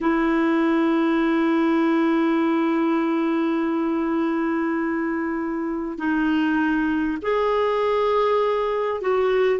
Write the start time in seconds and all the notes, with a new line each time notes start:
0.01 E4
5.98 D#4
7.22 G#4
9.01 F#4